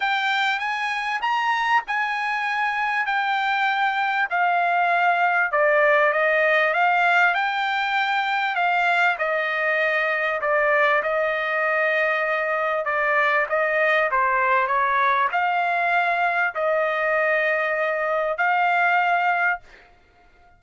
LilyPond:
\new Staff \with { instrumentName = "trumpet" } { \time 4/4 \tempo 4 = 98 g''4 gis''4 ais''4 gis''4~ | gis''4 g''2 f''4~ | f''4 d''4 dis''4 f''4 | g''2 f''4 dis''4~ |
dis''4 d''4 dis''2~ | dis''4 d''4 dis''4 c''4 | cis''4 f''2 dis''4~ | dis''2 f''2 | }